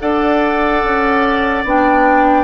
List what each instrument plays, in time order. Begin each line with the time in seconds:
0.00 bassoon D4, clarinet A4, oboe D5, flute F#5
0.83 bassoon C#4
1.64 bassoon B3, clarinet D4, flute G5